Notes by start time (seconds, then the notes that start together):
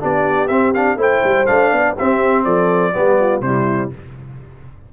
0.00 B3 D4 G4 D5
0.48 C4 E5
0.74 D4 F5
0.96 A3 E4 C5 G5
1.24 G3
1.46 A3 D4 F5
1.71 B3 D5
1.96 C4 G4 E5
2.44 F3 A4 D5
2.93 G3 B3 G4
3.20 F4
3.41 C3 G3 E4 C5